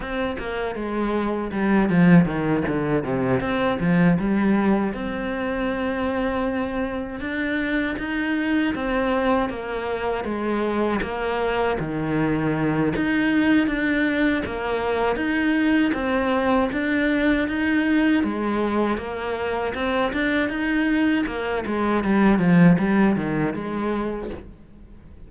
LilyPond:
\new Staff \with { instrumentName = "cello" } { \time 4/4 \tempo 4 = 79 c'8 ais8 gis4 g8 f8 dis8 d8 | c8 c'8 f8 g4 c'4.~ | c'4. d'4 dis'4 c'8~ | c'8 ais4 gis4 ais4 dis8~ |
dis4 dis'4 d'4 ais4 | dis'4 c'4 d'4 dis'4 | gis4 ais4 c'8 d'8 dis'4 | ais8 gis8 g8 f8 g8 dis8 gis4 | }